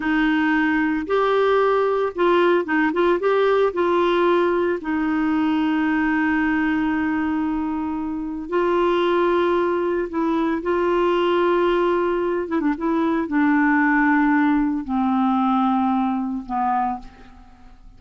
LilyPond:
\new Staff \with { instrumentName = "clarinet" } { \time 4/4 \tempo 4 = 113 dis'2 g'2 | f'4 dis'8 f'8 g'4 f'4~ | f'4 dis'2.~ | dis'1 |
f'2. e'4 | f'2.~ f'8 e'16 d'16 | e'4 d'2. | c'2. b4 | }